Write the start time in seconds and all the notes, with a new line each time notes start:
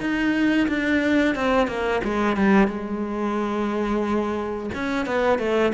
0.00 D#4
0.67 D4
1.35 C4
1.67 A#3
2.03 G#3
2.36 G3
2.67 G#3
4.74 C#4
5.06 B3
5.38 A3